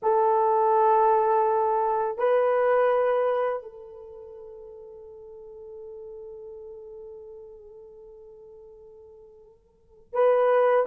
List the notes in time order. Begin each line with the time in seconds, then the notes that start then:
0.02 A4
2.18 B4
3.62 A4
10.13 B4